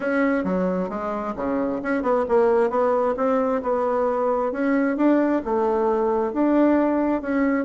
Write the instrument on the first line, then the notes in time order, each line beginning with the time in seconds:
bassoon
0.00 C#4
0.43 F#3
0.89 G#3
1.36 C#3
1.82 C#4
2.02 B3
2.28 A#3
2.69 B3
3.16 C4
3.62 B3
4.52 C#4
4.96 D4
5.44 A3
6.32 D4
7.21 C#4